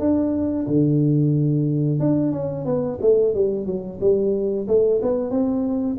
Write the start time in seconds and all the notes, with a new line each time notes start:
0.00 D4
0.67 D3
2.00 D4
2.32 C#4
2.65 B3
3.02 A3
3.35 G3
3.66 F#3
4.01 G3
4.68 A3
5.02 B3
5.31 C4